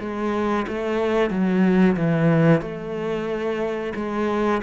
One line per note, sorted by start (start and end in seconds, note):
0.00 0.66 G#3
0.67 1.30 A3
1.30 1.96 F#3
1.96 2.61 E3
2.61 3.93 A3
3.95 4.61 G#3